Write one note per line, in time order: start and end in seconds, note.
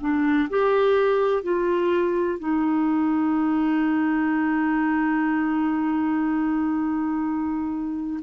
0.00 0.48 D4
0.49 1.43 G4
1.43 2.39 F4
2.39 8.20 D#4